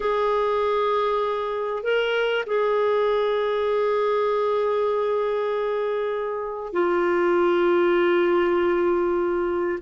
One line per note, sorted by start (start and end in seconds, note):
0.00 1.83 G#4
1.83 2.44 A#4
2.46 6.72 G#4
6.72 9.78 F4